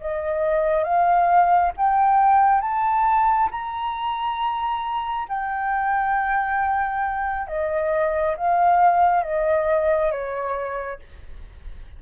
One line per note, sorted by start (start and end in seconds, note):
0.00 0.83 D#5
0.83 1.72 F5
1.76 2.61 G5
2.61 3.49 A5
3.51 5.27 A#5
5.28 7.47 G5
7.47 8.35 D#5
8.36 9.22 F5
9.22 10.11 D#5
10.11 10.99 C#5